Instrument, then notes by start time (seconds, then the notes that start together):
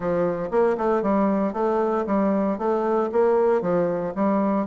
bassoon
0.00 F3
0.50 A#3
0.77 A3
1.02 G3
1.53 A3
2.06 G3
2.58 A3
3.12 A#3
3.61 F3
4.15 G3